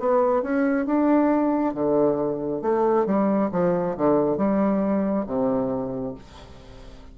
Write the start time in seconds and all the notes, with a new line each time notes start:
0.00 B3
0.43 C#4
0.86 D4
1.74 D3
2.62 A3
3.06 G3
3.52 F3
3.97 D3
4.37 G3
5.27 C3